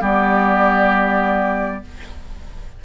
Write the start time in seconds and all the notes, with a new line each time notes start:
0.00 G3 B3 G4 D5